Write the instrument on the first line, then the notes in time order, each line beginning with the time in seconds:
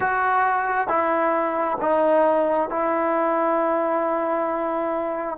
trombone
0.00 F#4
0.88 E4
1.81 D#4
2.69 E4